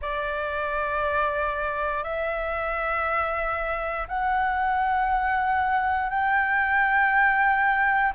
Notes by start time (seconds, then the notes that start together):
0.01 D5
2.03 E5
4.07 F#5
6.09 G5